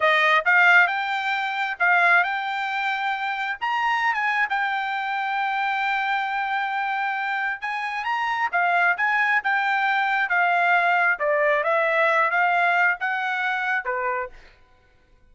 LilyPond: \new Staff \with { instrumentName = "trumpet" } { \time 4/4 \tempo 4 = 134 dis''4 f''4 g''2 | f''4 g''2. | ais''4~ ais''16 gis''8. g''2~ | g''1~ |
g''4 gis''4 ais''4 f''4 | gis''4 g''2 f''4~ | f''4 d''4 e''4. f''8~ | f''4 fis''2 b'4 | }